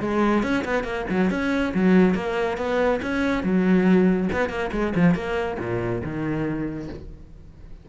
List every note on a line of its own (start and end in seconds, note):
0.00 0.43 G#3
0.43 0.64 C#4
0.64 0.83 B3
0.83 1.05 A#3
1.09 1.30 F#3
1.30 1.73 C#4
1.74 2.14 F#3
2.14 2.57 A#3
2.57 3.00 B3
3.02 3.43 C#4
3.43 4.29 F#3
4.32 4.49 B3
4.49 4.70 A#3
4.72 4.93 G#3
4.95 5.14 F3
5.14 5.57 A#3
5.59 6.02 A#2
6.03 6.89 D#3